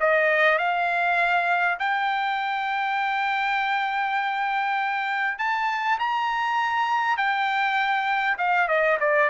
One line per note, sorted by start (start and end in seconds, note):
0.00 0.58 D#5
0.58 1.78 F5
1.79 5.38 G5
5.38 5.98 A5
5.99 7.17 A#5
7.17 8.37 G5
8.38 8.68 F5
8.68 8.98 D#5
9.00 9.30 D5